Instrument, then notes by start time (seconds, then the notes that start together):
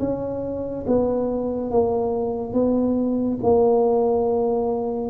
tuba
0.00 C#4
0.87 B3
1.71 A#3
2.54 B3
3.43 A#3